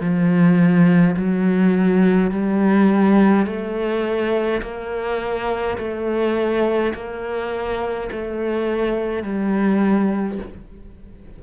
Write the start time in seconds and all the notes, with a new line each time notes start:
0.00 F3
1.16 F#3
2.31 G3
3.46 A3
4.62 A#3
5.78 A3
6.94 A#3
8.12 A3
9.23 G3